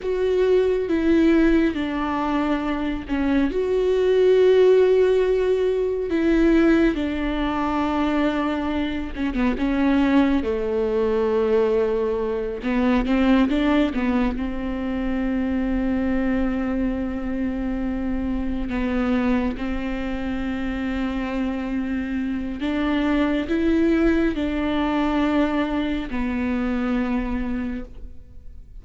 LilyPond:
\new Staff \with { instrumentName = "viola" } { \time 4/4 \tempo 4 = 69 fis'4 e'4 d'4. cis'8 | fis'2. e'4 | d'2~ d'8 cis'16 b16 cis'4 | a2~ a8 b8 c'8 d'8 |
b8 c'2.~ c'8~ | c'4. b4 c'4.~ | c'2 d'4 e'4 | d'2 b2 | }